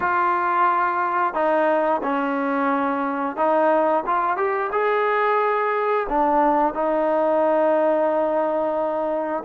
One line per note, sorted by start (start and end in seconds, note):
0.00 1.33 F4
1.33 2.01 D#4
2.03 3.36 C#4
3.36 4.03 D#4
4.06 4.36 F4
4.36 4.70 G4
4.72 6.07 G#4
6.09 6.74 D4
6.74 9.43 D#4